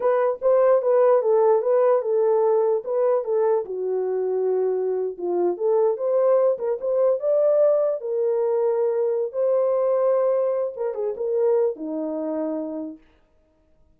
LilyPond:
\new Staff \with { instrumentName = "horn" } { \time 4/4 \tempo 4 = 148 b'4 c''4 b'4 a'4 | b'4 a'2 b'4 | a'4 fis'2.~ | fis'8. f'4 a'4 c''4~ c''16~ |
c''16 ais'8 c''4 d''2 ais'16~ | ais'2. c''4~ | c''2~ c''8 ais'8 gis'8 ais'8~ | ais'4 dis'2. | }